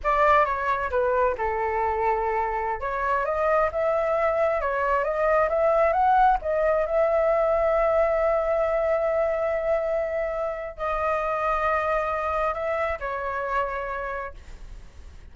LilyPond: \new Staff \with { instrumentName = "flute" } { \time 4/4 \tempo 4 = 134 d''4 cis''4 b'4 a'4~ | a'2~ a'16 cis''4 dis''8.~ | dis''16 e''2 cis''4 dis''8.~ | dis''16 e''4 fis''4 dis''4 e''8.~ |
e''1~ | e''1 | dis''1 | e''4 cis''2. | }